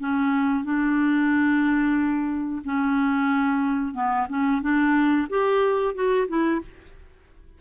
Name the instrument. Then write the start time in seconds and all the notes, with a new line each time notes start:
clarinet
0.00 C#4
0.64 D4
2.65 C#4
3.94 B3
4.29 C#4
4.62 D4
5.30 G4
5.95 F#4
6.28 E4